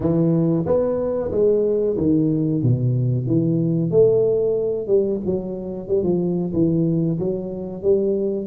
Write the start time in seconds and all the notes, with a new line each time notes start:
0.00 E3
0.66 B3
1.31 G#3
1.97 D#3
2.62 B2
3.26 E3
3.90 A3
4.87 G3
5.25 F#3
5.88 G3
6.03 F3
6.53 E3
7.19 F#3
7.82 G3